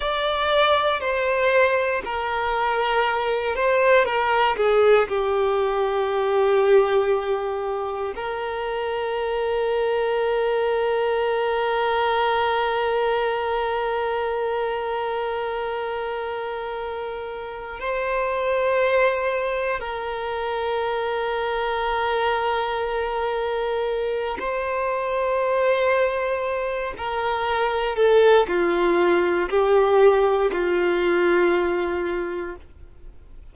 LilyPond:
\new Staff \with { instrumentName = "violin" } { \time 4/4 \tempo 4 = 59 d''4 c''4 ais'4. c''8 | ais'8 gis'8 g'2. | ais'1~ | ais'1~ |
ais'4. c''2 ais'8~ | ais'1 | c''2~ c''8 ais'4 a'8 | f'4 g'4 f'2 | }